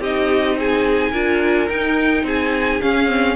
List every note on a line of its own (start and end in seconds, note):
0.00 1.12 C4
0.00 1.14 D#4
0.00 0.57 G4
0.00 0.59 D#5
0.59 1.12 G#4
0.59 1.69 G#5
1.12 1.69 D4
1.12 1.70 F4
1.12 2.24 A#4
1.69 2.23 D#4
1.69 2.82 D#4
1.69 2.25 G5
2.23 2.79 C4
2.23 3.36 G#4
2.23 2.82 G#5
2.82 3.08 C#4
2.82 3.36 C#4
2.82 3.36 F5
3.08 3.36 C4